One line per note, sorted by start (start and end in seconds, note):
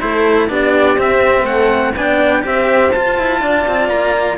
0.00 0.50 A3
0.00 0.49 E4
0.00 0.50 A4
0.00 0.50 C5
0.49 0.97 B3
0.49 0.98 D4
0.49 1.44 G4
0.49 1.00 D5
0.97 1.42 C4
0.97 1.96 C4
0.97 1.46 E5
1.42 1.91 A3
1.42 1.92 A4
1.42 1.95 F#5
1.96 2.44 B3
1.96 2.43 D4
1.96 2.46 D5
1.96 2.45 G5
2.43 2.94 C4
2.43 2.91 G4
2.43 3.41 C5
2.43 2.92 E5
2.92 4.38 F4
2.92 3.18 F4
2.92 3.89 A5
3.18 3.42 E4
3.41 3.66 D4
3.41 4.38 D5
3.68 3.89 C4
3.89 4.38 A#3
3.89 4.38 A#5